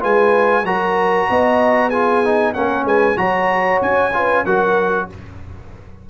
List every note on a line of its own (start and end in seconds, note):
0.00 0.64 G#3
0.00 0.63 F4
0.00 0.64 B4
0.00 0.66 G#5
0.64 1.27 F#3
0.64 1.92 F#4
0.64 1.29 A#4
0.64 1.90 A#5
1.30 2.56 B3
1.30 1.88 D#5
1.88 2.24 F4
1.88 2.51 G#4
1.88 2.53 G#5
2.24 2.55 D#4
2.54 2.85 A#3
2.54 3.17 C#4
2.54 2.85 A#4
2.54 2.86 F#5
2.85 3.16 G#3
2.85 3.17 B4
2.85 3.18 G#5
3.17 3.81 F#3
3.17 4.11 F#4
3.17 4.15 C#5
3.17 3.81 A#5
3.82 4.45 C#4
3.82 4.45 G#5
4.13 4.45 F4
4.13 4.46 B4
4.46 5.09 F#3
4.46 5.10 F#4
4.46 5.09 A#4
4.46 5.09 F#5